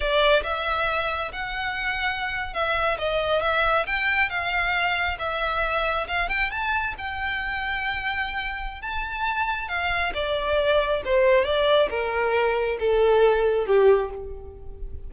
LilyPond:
\new Staff \with { instrumentName = "violin" } { \time 4/4 \tempo 4 = 136 d''4 e''2 fis''4~ | fis''4.~ fis''16 e''4 dis''4 e''16~ | e''8. g''4 f''2 e''16~ | e''4.~ e''16 f''8 g''8 a''4 g''16~ |
g''1 | a''2 f''4 d''4~ | d''4 c''4 d''4 ais'4~ | ais'4 a'2 g'4 | }